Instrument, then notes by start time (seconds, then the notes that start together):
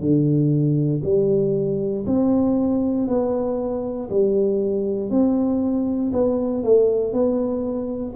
tuba
0.00 D3
1.04 G3
2.06 C4
3.07 B3
4.10 G3
5.10 C4
6.12 B3
6.63 A3
7.13 B3